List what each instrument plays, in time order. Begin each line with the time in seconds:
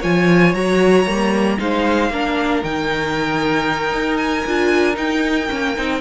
0.00 cello F3, viola F4, violin C#5 G#5
0.54 cello F#3, viola F#4, violin A#5
1.06 cello G3, viola A#3
1.58 cello G#3, viola D#4, violin C5 F5
2.10 cello A#3, viola D4, violin A#4
2.63 cello D#3, viola D#4, violin G5
3.93 cello D#4
4.17 violin G#5
4.46 cello D4, viola F4
4.94 viola D#4, cello D#4, violin G5
5.49 cello A#3, viola C#4
5.76 cello C4, viola D#4